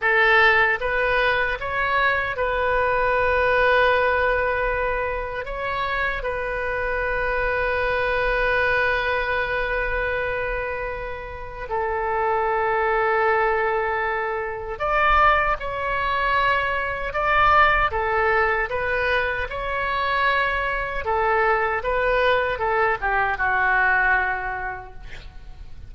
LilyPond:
\new Staff \with { instrumentName = "oboe" } { \time 4/4 \tempo 4 = 77 a'4 b'4 cis''4 b'4~ | b'2. cis''4 | b'1~ | b'2. a'4~ |
a'2. d''4 | cis''2 d''4 a'4 | b'4 cis''2 a'4 | b'4 a'8 g'8 fis'2 | }